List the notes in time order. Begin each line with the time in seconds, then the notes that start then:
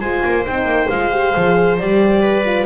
0.00 G#3 F4 C5 G#5
0.25 A#3
0.46 C4 D#4 G5
0.65 A#3
0.89 G#3 F4 F5
1.11 G4
1.35 F3 G#4
1.78 G3 G4 D5
2.22 B4
2.45 F4